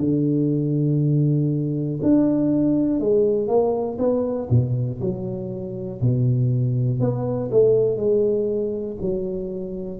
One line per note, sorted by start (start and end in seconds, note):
0.00 2.00 D3
2.03 3.00 D4
3.00 3.48 G#3
3.48 3.98 A#3
3.98 4.48 B3
4.50 5.00 B2
5.01 6.01 F#3
6.01 7.00 B2
7.00 7.50 B3
7.51 7.97 A3
7.97 8.97 G#3
9.01 10.00 F#3